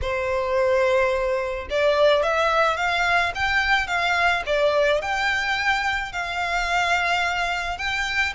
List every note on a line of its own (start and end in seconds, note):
0.01 1.68 C5
1.69 2.22 D5
2.22 2.77 E5
2.77 3.32 F5
3.34 3.87 G5
3.87 4.42 F5
4.46 5.01 D5
5.01 6.12 G5
6.12 7.78 F5
7.78 8.33 G5